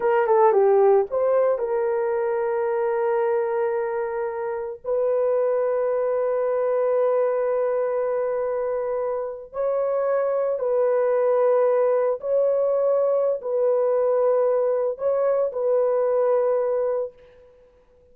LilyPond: \new Staff \with { instrumentName = "horn" } { \time 4/4 \tempo 4 = 112 ais'8 a'8 g'4 c''4 ais'4~ | ais'1~ | ais'4 b'2.~ | b'1~ |
b'4.~ b'16 cis''2 b'16~ | b'2~ b'8. cis''4~ cis''16~ | cis''4 b'2. | cis''4 b'2. | }